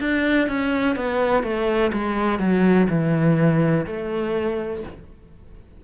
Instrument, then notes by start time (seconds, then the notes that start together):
cello
0.00 D4
0.48 C#4
0.96 B3
1.43 A3
1.93 G#3
2.39 F#3
2.89 E3
3.86 A3